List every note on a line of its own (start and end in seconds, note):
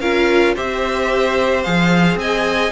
0.00 0.55 C#4
0.00 0.56 F4
0.00 0.55 A#4
0.00 0.55 F5
0.55 1.66 C4
0.55 1.65 G4
0.55 2.19 C5
0.55 1.63 E5
1.63 2.16 F3
1.63 2.72 G#4
1.63 2.17 F5
2.16 2.70 C4
2.16 2.72 D#5
2.16 2.72 G#5